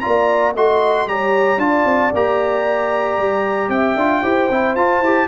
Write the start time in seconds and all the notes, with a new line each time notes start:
0.00 F4 D5 A#5
0.06 A#3
0.55 A3 F#4 D#5 C6
1.07 G3 G4 C#5 A#5
1.57 D4 F4 D5 A5
1.85 C4
2.13 A#3 G4 A#5
3.18 G3
3.69 C4 E5 G5
3.96 D4 F4
4.22 E4 G4 C5
4.50 C4 E4
4.75 F4 A5
5.01 E4 G4